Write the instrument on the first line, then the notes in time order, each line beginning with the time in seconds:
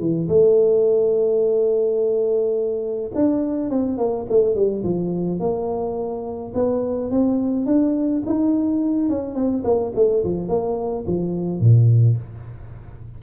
tuba
0.00 E3
0.29 A3
3.15 D4
3.70 C4
3.98 A#3
4.30 A3
4.55 G3
4.84 F3
5.40 A#3
6.55 B3
7.11 C4
7.66 D4
8.26 D#4
9.10 C#4
9.35 C4
9.64 A#3
9.96 A3
10.24 F3
10.49 A#3
11.07 F3
11.60 A#2